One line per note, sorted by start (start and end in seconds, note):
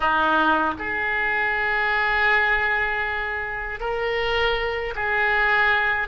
0.00 0.74 D#4
0.78 3.80 G#4
3.80 4.94 A#4
4.95 6.08 G#4